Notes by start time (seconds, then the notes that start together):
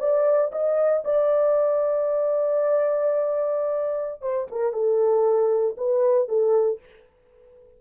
0.00 D5
0.52 D#5
1.05 D5
4.22 C5
4.52 A#4
4.73 A4
5.77 B4
6.29 A4